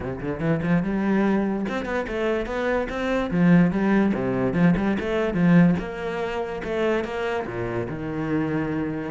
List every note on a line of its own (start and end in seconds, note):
0.00 0.20 C3
0.20 0.39 D3
0.39 0.60 E3
0.63 0.82 F3
0.82 1.65 G3
1.68 1.85 C4
1.85 2.06 B3
2.07 2.46 A3
2.46 2.87 B3
2.89 3.30 C4
3.30 3.71 F3
3.71 4.12 G3
4.14 4.53 C3
4.53 4.74 F3
4.76 4.97 G3
4.99 5.33 A3
5.33 5.75 F3
5.79 6.62 A#3
6.64 7.04 A3
7.04 7.45 A#3
7.46 7.87 A#2
7.89 9.11 D#3